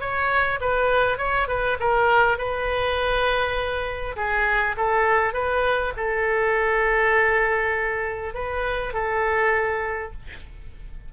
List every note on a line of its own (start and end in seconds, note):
0.00 0.59 C#5
0.60 1.18 B4
1.18 1.47 C#5
1.47 1.77 B4
1.80 2.38 A#4
2.38 4.16 B4
4.16 4.76 G#4
4.77 5.33 A4
5.33 5.93 B4
5.96 8.34 A4
8.34 8.93 B4
8.93 10.12 A4